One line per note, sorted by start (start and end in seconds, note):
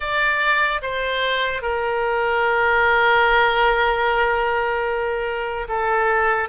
0.00 0.81 D5
0.81 1.62 C5
1.62 5.67 A#4
5.68 6.48 A4